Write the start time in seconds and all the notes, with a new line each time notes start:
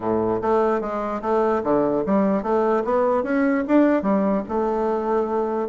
0.00 A2
0.41 A3
0.80 G#3
1.21 A3
1.63 D3
2.06 G3
2.42 A3
2.84 B3
3.23 C#4
3.67 D4
4.02 G3
4.48 A3